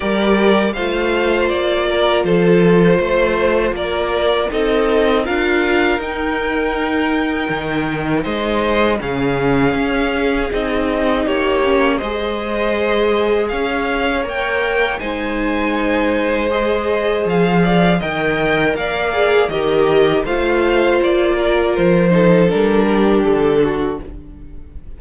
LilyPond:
<<
  \new Staff \with { instrumentName = "violin" } { \time 4/4 \tempo 4 = 80 d''4 f''4 d''4 c''4~ | c''4 d''4 dis''4 f''4 | g''2. dis''4 | f''2 dis''4 cis''4 |
dis''2 f''4 g''4 | gis''2 dis''4 f''4 | g''4 f''4 dis''4 f''4 | d''4 c''4 ais'4 a'4 | }
  \new Staff \with { instrumentName = "violin" } { \time 4/4 ais'4 c''4. ais'8 a'4 | c''4 ais'4 a'4 ais'4~ | ais'2. c''4 | gis'2. g'4 |
c''2 cis''2 | c''2.~ c''8 d''8 | dis''4 d''4 ais'4 c''4~ | c''8 ais'4 a'4 g'4 fis'8 | }
  \new Staff \with { instrumentName = "viola" } { \time 4/4 g'4 f'2.~ | f'2 dis'4 f'4 | dis'1 | cis'2 dis'4. cis'8 |
gis'2. ais'4 | dis'2 gis'2 | ais'4. gis'8 g'4 f'4~ | f'4. dis'8 d'2 | }
  \new Staff \with { instrumentName = "cello" } { \time 4/4 g4 a4 ais4 f4 | a4 ais4 c'4 d'4 | dis'2 dis4 gis4 | cis4 cis'4 c'4 ais4 |
gis2 cis'4 ais4 | gis2. f4 | dis4 ais4 dis4 a4 | ais4 f4 g4 d4 | }
>>